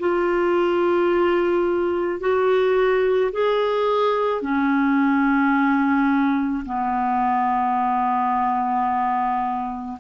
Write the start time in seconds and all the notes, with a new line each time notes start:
0.00 F4
2.20 F#4
3.32 G#4
4.42 C#4
6.66 B3